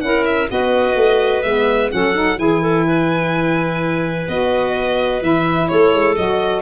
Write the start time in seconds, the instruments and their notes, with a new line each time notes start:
0.00 tuba C#4, saxophone E4, clarinet A#4, violin F#5
0.25 violin E5
0.48 tuba B3, saxophone F#4, clarinet B4, violin D#5
0.95 tuba A3
1.42 tuba G#3, saxophone B3, violin E5
1.91 tuba F#3, saxophone C#4, clarinet A4, violin F#5
2.14 saxophone D#4
2.36 tuba E3, saxophone E4, clarinet G#4, violin G#5
2.61 clarinet A4
2.86 clarinet B4
4.28 tuba B3, saxophone F#4, violin D#5
5.21 tuba E3, saxophone E4, violin E5
5.68 tuba A3, clarinet A4, violin C#5
5.93 tuba G#3
6.15 tuba F#3, saxophone F#4, violin D#5